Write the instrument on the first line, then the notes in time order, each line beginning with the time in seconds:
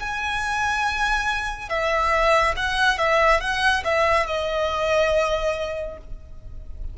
violin
0.00 G#5
1.69 E5
2.57 F#5
2.98 E5
3.41 F#5
3.85 E5
4.27 D#5